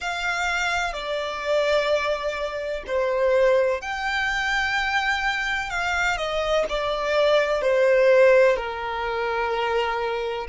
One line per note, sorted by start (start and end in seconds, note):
0.00 0.93 F5
0.93 2.83 D5
2.86 3.81 C5
3.81 5.69 G5
5.69 6.17 F5
6.17 6.65 D#5
6.69 7.61 D5
7.61 8.56 C5
8.56 10.47 A#4